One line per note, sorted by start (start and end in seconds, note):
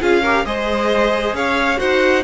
0.00 0.45 C#4
0.00 0.22 F4
0.00 0.22 G#4
0.00 0.45 F5
0.22 0.46 G4
0.22 0.44 A#4
0.45 1.33 G#3
0.45 1.76 G#4
0.45 1.36 C5
0.45 1.35 D#5
1.33 1.78 C#4
1.33 1.79 C#5
1.33 1.79 F5
1.76 2.24 D#4
1.76 2.21 F#4
1.76 2.24 C5
1.76 2.24 F#5